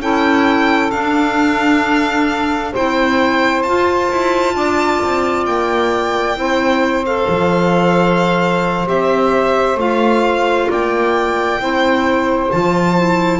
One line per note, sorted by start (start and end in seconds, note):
0.00 0.91 C#4
0.00 0.92 E4
0.00 2.72 A4
0.00 0.91 G5
0.91 2.73 D4
0.91 2.74 D4
0.91 2.72 F5
2.72 3.63 C4
2.72 3.66 E4
2.72 4.53 C5
2.72 3.62 G5
3.62 4.09 F4
3.62 6.36 F4
3.62 5.44 A5
4.10 4.54 E4
4.54 5.00 D4
4.54 6.37 D5
5.03 5.47 C4
5.45 6.36 A#3
5.45 7.05 G5
6.36 7.27 C4
6.36 7.04 E4
6.36 10.69 C5
7.05 8.86 A4
7.05 8.87 F5
7.28 8.87 F3
8.86 9.76 C4
8.86 9.77 G4
8.86 9.79 E5
9.76 10.67 A3
9.76 11.60 F4
9.76 10.71 F5
10.69 11.59 A#3
10.69 11.60 D5
10.69 12.51 G5
11.59 12.50 C4
11.59 12.51 E4
11.59 13.39 C5
12.51 13.39 F3
12.51 12.96 F4
12.51 13.39 A5
12.97 13.39 E4